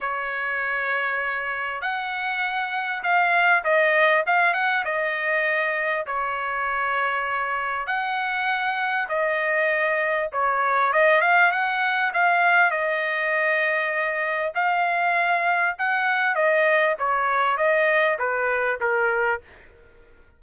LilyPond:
\new Staff \with { instrumentName = "trumpet" } { \time 4/4 \tempo 4 = 99 cis''2. fis''4~ | fis''4 f''4 dis''4 f''8 fis''8 | dis''2 cis''2~ | cis''4 fis''2 dis''4~ |
dis''4 cis''4 dis''8 f''8 fis''4 | f''4 dis''2. | f''2 fis''4 dis''4 | cis''4 dis''4 b'4 ais'4 | }